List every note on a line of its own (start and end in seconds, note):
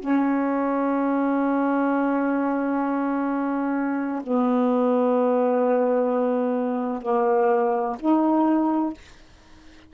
0.00 4.22 C#4
4.23 7.02 B3
7.02 7.96 A#3
7.99 8.93 D#4